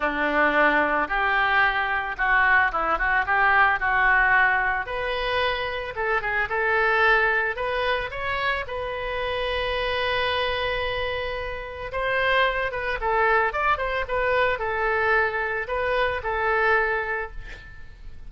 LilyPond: \new Staff \with { instrumentName = "oboe" } { \time 4/4 \tempo 4 = 111 d'2 g'2 | fis'4 e'8 fis'8 g'4 fis'4~ | fis'4 b'2 a'8 gis'8 | a'2 b'4 cis''4 |
b'1~ | b'2 c''4. b'8 | a'4 d''8 c''8 b'4 a'4~ | a'4 b'4 a'2 | }